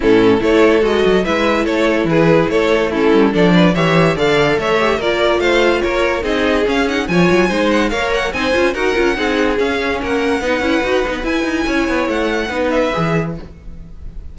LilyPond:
<<
  \new Staff \with { instrumentName = "violin" } { \time 4/4 \tempo 4 = 144 a'4 cis''4 dis''4 e''4 | cis''4 b'4 cis''4 a'4 | d''4 e''4 f''4 e''4 | d''4 f''4 cis''4 dis''4 |
f''8 fis''8 gis''4. fis''8 f''8 fis''8 | gis''4 fis''2 f''4 | fis''2. gis''4~ | gis''4 fis''4. e''4. | }
  \new Staff \with { instrumentName = "violin" } { \time 4/4 e'4 a'2 b'4 | a'4 gis'4 a'4 e'4 | a'8 b'8 cis''4 d''4 cis''4 | ais'4 c''4 ais'4 gis'4~ |
gis'4 cis''4 c''4 cis''4 | c''4 ais'4 gis'2 | ais'4 b'2. | cis''2 b'2 | }
  \new Staff \with { instrumentName = "viola" } { \time 4/4 cis'4 e'4 fis'4 e'4~ | e'2. cis'4 | d'4 g'4 a'4. g'8 | f'2. dis'4 |
cis'8 dis'8 f'4 dis'4 ais'4 | dis'8 f'8 fis'8 f'8 dis'4 cis'4~ | cis'4 dis'8 e'8 fis'8 dis'8 e'4~ | e'2 dis'4 gis'4 | }
  \new Staff \with { instrumentName = "cello" } { \time 4/4 a,4 a4 gis8 fis8 gis4 | a4 e4 a4. g8 | f4 e4 d4 a4 | ais4 a4 ais4 c'4 |
cis'4 f8 fis8 gis4 ais4 | c'8 cis'8 dis'8 cis'8 c'4 cis'4 | ais4 b8 cis'8 dis'8 b8 e'8 dis'8 | cis'8 b8 a4 b4 e4 | }
>>